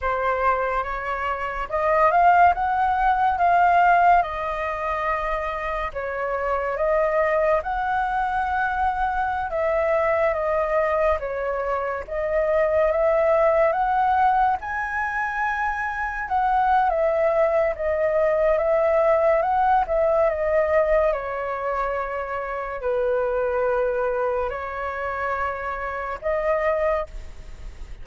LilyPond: \new Staff \with { instrumentName = "flute" } { \time 4/4 \tempo 4 = 71 c''4 cis''4 dis''8 f''8 fis''4 | f''4 dis''2 cis''4 | dis''4 fis''2~ fis''16 e''8.~ | e''16 dis''4 cis''4 dis''4 e''8.~ |
e''16 fis''4 gis''2 fis''8. | e''4 dis''4 e''4 fis''8 e''8 | dis''4 cis''2 b'4~ | b'4 cis''2 dis''4 | }